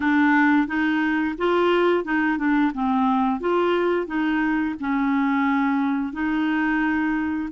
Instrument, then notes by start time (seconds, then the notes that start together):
clarinet
0.00 D4
0.67 D#4
1.38 F4
2.04 D#4
2.38 D4
2.74 C4
3.40 F4
4.07 D#4
4.79 C#4
6.12 D#4